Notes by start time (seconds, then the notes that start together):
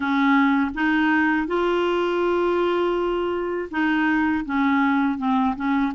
0.00 C#4
0.74 D#4
1.47 F4
3.70 D#4
4.45 C#4
5.18 C4
5.56 C#4